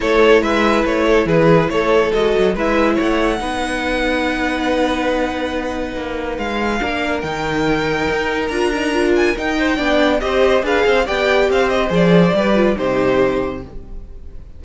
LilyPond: <<
  \new Staff \with { instrumentName = "violin" } { \time 4/4 \tempo 4 = 141 cis''4 e''4 cis''4 b'4 | cis''4 dis''4 e''4 fis''4~ | fis''1~ | fis''2. f''4~ |
f''4 g''2. | ais''4. gis''8 g''2 | dis''4 f''4 g''4 f''8 dis''8 | d''2 c''2 | }
  \new Staff \with { instrumentName = "violin" } { \time 4/4 a'4 b'4. a'8 gis'4 | a'2 b'4 cis''4 | b'1~ | b'1 |
ais'1~ | ais'2~ ais'8 c''8 d''4 | c''4 b'8 c''8 d''4 c''4~ | c''4 b'4 g'2 | }
  \new Staff \with { instrumentName = "viola" } { \time 4/4 e'1~ | e'4 fis'4 e'2 | dis'1~ | dis'1 |
d'4 dis'2. | f'8 dis'8 f'4 dis'4 d'4 | g'4 gis'4 g'2 | gis'4 g'8 f'8 dis'2 | }
  \new Staff \with { instrumentName = "cello" } { \time 4/4 a4 gis4 a4 e4 | a4 gis8 fis8 gis4 a4 | b1~ | b2 ais4 gis4 |
ais4 dis2 dis'4 | d'2 dis'4 b4 | c'4 d'8 c'8 b4 c'4 | f4 g4 c2 | }
>>